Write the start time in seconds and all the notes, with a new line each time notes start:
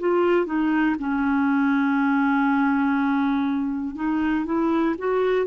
0.00 F4
0.46 D#4
1.00 C#4
3.95 D#4
4.46 E4
4.99 F#4